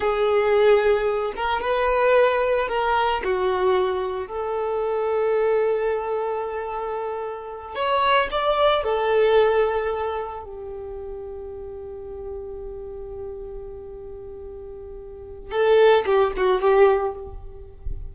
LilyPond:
\new Staff \with { instrumentName = "violin" } { \time 4/4 \tempo 4 = 112 gis'2~ gis'8 ais'8 b'4~ | b'4 ais'4 fis'2 | a'1~ | a'2~ a'8 cis''4 d''8~ |
d''8 a'2. g'8~ | g'1~ | g'1~ | g'4 a'4 g'8 fis'8 g'4 | }